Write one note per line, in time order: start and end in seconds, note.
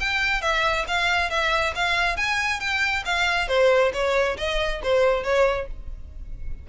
0.00 0.41 G5
0.41 0.85 E5
0.88 1.30 F5
1.30 1.74 E5
1.75 2.17 F5
2.17 2.60 G#5
2.60 3.04 G5
3.05 3.48 F5
3.48 3.92 C5
3.93 4.37 C#5
4.37 4.81 D#5
4.83 5.23 C5
5.23 5.67 C#5